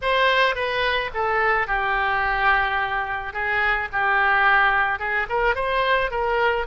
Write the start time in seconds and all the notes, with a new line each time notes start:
0.01 C5
0.55 B4
1.14 A4
1.67 G4
3.33 G#4
3.92 G4
4.98 G#4
5.29 A#4
5.55 C5
6.10 A#4